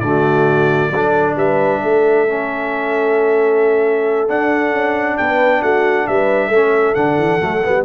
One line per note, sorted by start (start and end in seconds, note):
0.00 0.90 D3
0.00 0.93 A3
0.00 0.92 F#4
0.00 1.34 D5
0.90 1.35 F#3
0.90 2.28 D4
0.90 1.36 A4
1.36 1.81 G3
1.36 1.81 B4
1.36 4.29 E5
1.83 4.29 A3
1.83 5.18 A4
2.28 4.29 C#4
4.29 6.52 D4
4.29 4.72 D4
4.29 5.18 F#5
4.72 5.17 C#4
5.18 5.62 B3
5.18 5.61 B4
5.18 5.62 G5
5.61 6.07 A3
5.61 6.06 F#4
5.61 6.07 F#5
6.07 6.49 G3
6.07 6.48 B4
6.07 6.94 E5
6.48 6.94 A3
6.48 6.96 C#4
6.48 7.82 A4
6.94 7.18 D3
6.94 7.41 D4
6.94 7.84 F#5
7.18 7.41 E3
7.41 7.64 F#3
7.41 7.63 A3
7.64 7.85 G3
7.64 7.85 B3